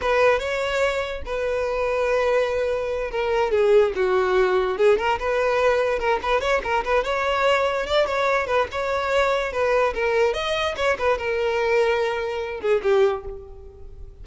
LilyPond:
\new Staff \with { instrumentName = "violin" } { \time 4/4 \tempo 4 = 145 b'4 cis''2 b'4~ | b'2.~ b'8 ais'8~ | ais'8 gis'4 fis'2 gis'8 | ais'8 b'2 ais'8 b'8 cis''8 |
ais'8 b'8 cis''2 d''8 cis''8~ | cis''8 b'8 cis''2 b'4 | ais'4 dis''4 cis''8 b'8 ais'4~ | ais'2~ ais'8 gis'8 g'4 | }